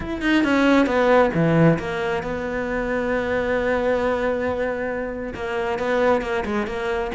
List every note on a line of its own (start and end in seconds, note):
0.00 0.21 E4
0.21 0.43 D#4
0.44 0.86 C#4
0.86 1.31 B3
1.34 1.78 E3
1.78 2.22 A#3
2.22 5.33 B3
5.34 5.78 A#3
5.78 6.21 B3
6.21 6.43 A#3
6.45 6.66 G#3
6.66 7.11 A#3